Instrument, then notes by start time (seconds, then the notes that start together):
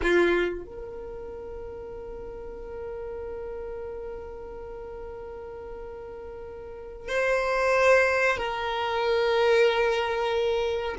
violin
0.02 F4
0.65 A#4
7.08 C5
8.37 A#4